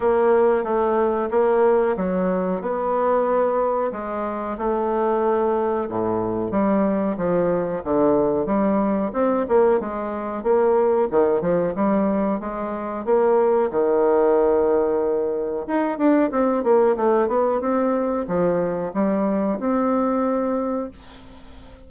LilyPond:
\new Staff \with { instrumentName = "bassoon" } { \time 4/4 \tempo 4 = 92 ais4 a4 ais4 fis4 | b2 gis4 a4~ | a4 a,4 g4 f4 | d4 g4 c'8 ais8 gis4 |
ais4 dis8 f8 g4 gis4 | ais4 dis2. | dis'8 d'8 c'8 ais8 a8 b8 c'4 | f4 g4 c'2 | }